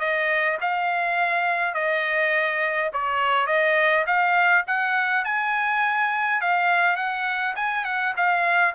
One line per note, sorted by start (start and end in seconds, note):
0.00 0.58 D#5
0.61 1.74 F5
1.74 2.91 D#5
2.93 3.47 C#5
3.47 4.05 D#5
4.07 4.65 F5
4.67 5.25 F#5
5.25 6.41 G#5
6.41 6.97 F5
6.97 7.55 F#5
7.56 7.85 G#5
7.85 8.14 F#5
8.17 8.75 F5